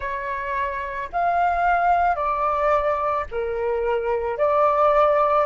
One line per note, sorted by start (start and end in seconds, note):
0.00 1.09 C#5
1.12 2.15 F5
2.15 3.24 D5
3.31 4.37 A#4
4.37 5.45 D5